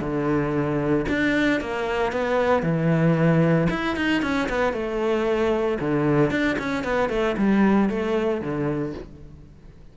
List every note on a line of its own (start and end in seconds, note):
0.00 1.05 D3
1.08 1.60 D4
1.60 2.12 A#3
2.12 2.62 B3
2.62 3.67 E3
3.70 3.96 E4
3.96 4.22 D#4
4.22 4.48 C#4
4.49 4.72 B3
4.72 5.78 A3
5.80 6.30 D3
6.30 6.56 D4
6.58 6.83 C#4
6.83 7.09 B3
7.09 7.35 A3
7.37 7.89 G3
7.89 8.41 A3
8.41 8.94 D3